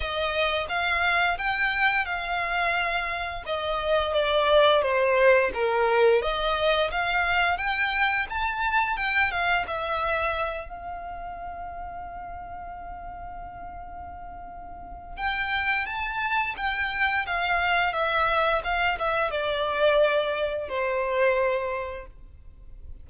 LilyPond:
\new Staff \with { instrumentName = "violin" } { \time 4/4 \tempo 4 = 87 dis''4 f''4 g''4 f''4~ | f''4 dis''4 d''4 c''4 | ais'4 dis''4 f''4 g''4 | a''4 g''8 f''8 e''4. f''8~ |
f''1~ | f''2 g''4 a''4 | g''4 f''4 e''4 f''8 e''8 | d''2 c''2 | }